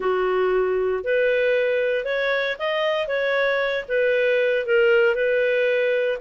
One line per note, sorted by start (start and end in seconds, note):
0.00 1.03 F#4
1.04 2.05 B4
2.05 2.56 C#5
2.58 3.07 D#5
3.07 3.85 C#5
3.88 4.66 B4
4.66 5.15 A#4
5.15 6.18 B4